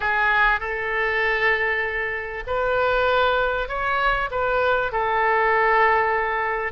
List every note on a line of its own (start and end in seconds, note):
0.00 0.60 G#4
0.60 2.43 A4
2.47 3.68 B4
3.68 4.29 C#5
4.30 4.91 B4
4.92 6.72 A4